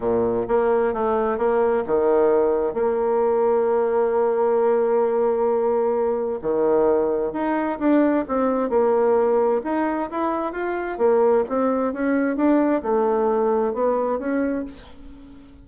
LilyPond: \new Staff \with { instrumentName = "bassoon" } { \time 4/4 \tempo 4 = 131 ais,4 ais4 a4 ais4 | dis2 ais2~ | ais1~ | ais2 dis2 |
dis'4 d'4 c'4 ais4~ | ais4 dis'4 e'4 f'4 | ais4 c'4 cis'4 d'4 | a2 b4 cis'4 | }